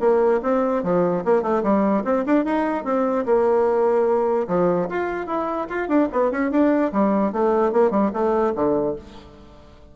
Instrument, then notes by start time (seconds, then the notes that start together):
bassoon
0.00 A#3
0.42 C4
0.83 F3
1.25 A#3
1.42 A3
1.63 G3
2.04 C4
2.26 D4
2.45 D#4
2.84 C4
3.25 A#3
4.48 F3
4.89 F4
5.27 E4
5.69 F4
5.88 D4
6.12 B3
6.31 C#4
6.51 D4
6.93 G3
7.32 A3
7.72 A#3
7.91 G3
8.13 A3
8.55 D3